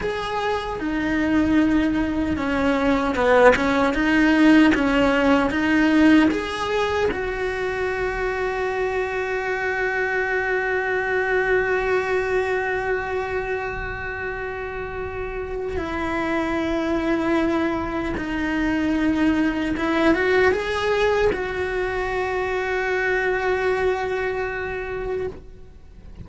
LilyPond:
\new Staff \with { instrumentName = "cello" } { \time 4/4 \tempo 4 = 76 gis'4 dis'2 cis'4 | b8 cis'8 dis'4 cis'4 dis'4 | gis'4 fis'2.~ | fis'1~ |
fis'1 | e'2. dis'4~ | dis'4 e'8 fis'8 gis'4 fis'4~ | fis'1 | }